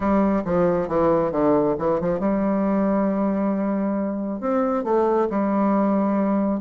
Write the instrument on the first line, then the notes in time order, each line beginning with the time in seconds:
bassoon
0.00 G3
0.44 F3
0.87 E3
1.31 D3
1.78 E3
2.00 F3
2.19 G3
4.40 C4
4.84 A3
5.30 G3